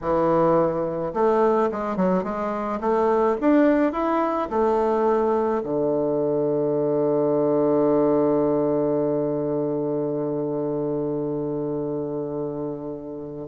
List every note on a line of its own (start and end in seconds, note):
0.01 1.13 E3
1.13 1.69 A3
1.71 1.96 G#3
1.96 2.23 F#3
2.23 2.79 G#3
2.80 3.36 A3
3.41 3.92 D4
3.92 4.48 E4
4.50 5.62 A3
5.63 13.47 D3